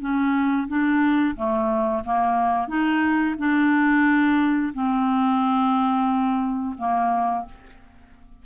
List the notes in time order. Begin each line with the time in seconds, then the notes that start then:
0.00 C#4
0.68 D4
1.36 A3
2.05 A#3
2.68 D#4
3.38 D4
4.74 C4
6.78 A#3